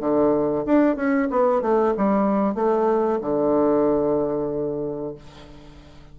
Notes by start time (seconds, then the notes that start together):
0.00 D3
0.65 D4
0.96 C#4
1.30 B3
1.62 A3
1.97 G3
2.55 A3
3.21 D3